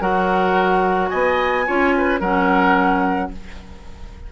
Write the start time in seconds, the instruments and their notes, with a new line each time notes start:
0.00 bassoon F#3, clarinet F#4, oboe A#4, flute F#5
1.09 bassoon B3, oboe D#5, flute G#5
1.66 bassoon C#4, clarinet F4, oboe C#5
1.97 oboe B4
2.20 bassoon F#3, clarinet C#4, oboe A#4, flute F#5